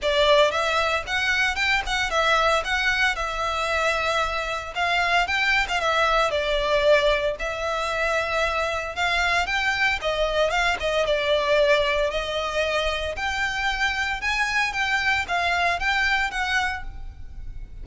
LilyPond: \new Staff \with { instrumentName = "violin" } { \time 4/4 \tempo 4 = 114 d''4 e''4 fis''4 g''8 fis''8 | e''4 fis''4 e''2~ | e''4 f''4 g''8. f''16 e''4 | d''2 e''2~ |
e''4 f''4 g''4 dis''4 | f''8 dis''8 d''2 dis''4~ | dis''4 g''2 gis''4 | g''4 f''4 g''4 fis''4 | }